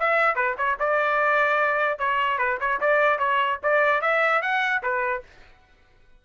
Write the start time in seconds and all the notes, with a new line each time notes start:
0.00 E5
0.36 B4
0.58 C#5
0.79 D5
1.99 C#5
2.38 B4
2.60 C#5
2.81 D5
3.19 C#5
3.63 D5
4.02 E5
4.42 F#5
4.83 B4